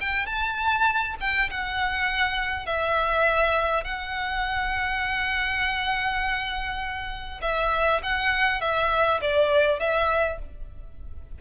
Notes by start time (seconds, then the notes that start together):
0.00 G5
0.26 A5
1.20 G5
1.50 F#5
2.65 E5
3.84 F#5
7.41 E5
8.02 F#5
8.61 E5
9.21 D5
9.79 E5